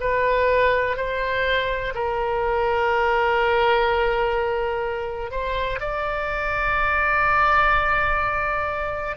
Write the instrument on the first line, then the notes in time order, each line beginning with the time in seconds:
oboe
0.00 B4
0.97 C5
1.95 A#4
5.31 C5
5.80 D5